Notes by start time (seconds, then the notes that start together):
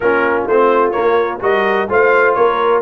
0.00 A#3 C#4 F4 A#4
0.47 A3 C4 C5
0.91 A#3 C#5
1.40 G3 F#4 A#4 D#5
1.88 A3 F4 C5 F5
2.34 A#3 A#4 C#5